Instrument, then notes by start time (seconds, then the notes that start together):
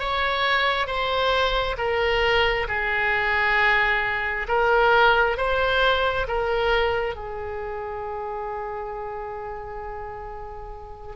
oboe
0.00 C#5
0.87 C5
1.78 A#4
2.68 G#4
4.49 A#4
5.38 C5
6.28 A#4
7.16 G#4